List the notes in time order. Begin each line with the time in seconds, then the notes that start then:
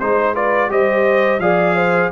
0.00 G#3 D#4 C5
0.35 F4 B4 D5
0.70 G3 G4 C5 D#5
1.39 F3 G#4 D5 F5
1.76 C5